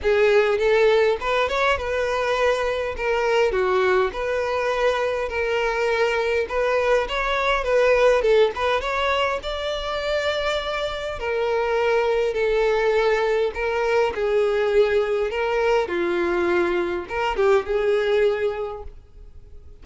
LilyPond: \new Staff \with { instrumentName = "violin" } { \time 4/4 \tempo 4 = 102 gis'4 a'4 b'8 cis''8 b'4~ | b'4 ais'4 fis'4 b'4~ | b'4 ais'2 b'4 | cis''4 b'4 a'8 b'8 cis''4 |
d''2. ais'4~ | ais'4 a'2 ais'4 | gis'2 ais'4 f'4~ | f'4 ais'8 g'8 gis'2 | }